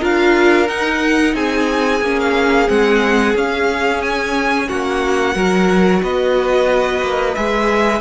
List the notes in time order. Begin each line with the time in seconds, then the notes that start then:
0.00 D4 F4 A#4 F5
0.67 D#4 F#5
1.34 C4 G#4 G#5
2.01 A#3 C#4
2.20 F5
2.67 G#3 C4 F#5
3.34 C#4 F5
4.02 G#5
4.68 A#3 F#4 F#5
5.34 F#3 F#4 A#4
6.02 B3 B4 D#5
7.02 A#3
7.34 G#3 G#4 E5